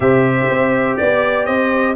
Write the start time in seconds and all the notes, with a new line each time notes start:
0.00 C3 G4 C5 E5
0.50 C4
0.96 B3 D5
1.45 C4 C5 D#5